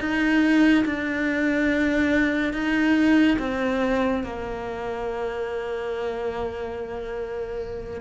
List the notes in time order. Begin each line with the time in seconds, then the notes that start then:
0.00 D#4
0.86 D4
2.53 D#4
3.39 C4
4.24 A#3